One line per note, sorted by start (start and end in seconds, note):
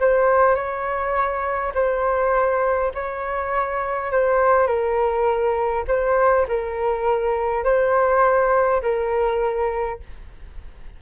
0.00 0.55 C5
0.55 1.72 C#5
1.74 2.92 C5
2.94 4.11 C#5
4.11 4.67 C5
4.67 5.84 A#4
5.87 6.46 C5
6.48 7.64 A#4
7.64 8.82 C5
8.82 9.99 A#4